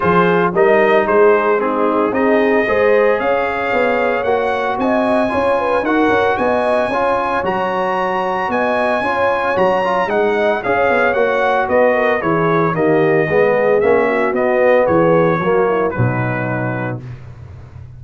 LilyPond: <<
  \new Staff \with { instrumentName = "trumpet" } { \time 4/4 \tempo 4 = 113 c''4 dis''4 c''4 gis'4 | dis''2 f''2 | fis''4 gis''2 fis''4 | gis''2 ais''2 |
gis''2 ais''4 fis''4 | f''4 fis''4 dis''4 cis''4 | dis''2 e''4 dis''4 | cis''2 b'2 | }
  \new Staff \with { instrumentName = "horn" } { \time 4/4 gis'4 ais'4 gis'4 dis'4 | gis'4 c''4 cis''2~ | cis''4 dis''4 cis''8 b'8 ais'4 | dis''4 cis''2. |
dis''4 cis''2 dis''4 | cis''2 b'8 ais'8 gis'4 | g'4 gis'4. fis'4. | gis'4 fis'8 e'8 dis'2 | }
  \new Staff \with { instrumentName = "trombone" } { \time 4/4 f'4 dis'2 c'4 | dis'4 gis'2. | fis'2 f'4 fis'4~ | fis'4 f'4 fis'2~ |
fis'4 f'4 fis'8 f'8 dis'4 | gis'4 fis'2 e'4 | ais4 b4 cis'4 b4~ | b4 ais4 fis2 | }
  \new Staff \with { instrumentName = "tuba" } { \time 4/4 f4 g4 gis2 | c'4 gis4 cis'4 b4 | ais4 c'4 cis'4 dis'8 cis'8 | b4 cis'4 fis2 |
b4 cis'4 fis4 gis4 | cis'8 b8 ais4 b4 e4 | dis4 gis4 ais4 b4 | e4 fis4 b,2 | }
>>